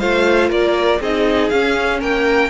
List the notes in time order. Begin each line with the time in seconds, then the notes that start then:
0.00 A3 F4 C5 F5
0.50 A#3 A#4 D5
1.01 C4 D#4 G#4 D#5
1.49 C#4 F5
2.00 A#3 A#4 G5